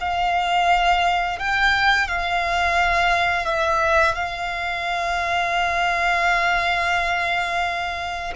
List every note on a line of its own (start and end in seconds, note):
0.00 1.39 F5
1.39 2.08 G5
2.08 3.45 F5
3.45 4.14 E5
4.14 8.33 F5